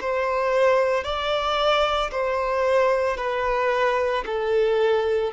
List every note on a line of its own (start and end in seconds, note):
0.00 1.03 C5
1.03 2.10 D5
2.11 3.17 C5
3.17 4.24 B4
4.26 5.33 A4